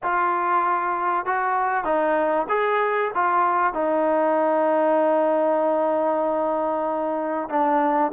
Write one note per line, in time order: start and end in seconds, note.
0.03 1.25 F4
1.25 1.84 F#4
1.84 2.46 D#4
2.48 3.11 G#4
3.14 3.73 F4
3.73 7.48 D#4
7.49 8.11 D4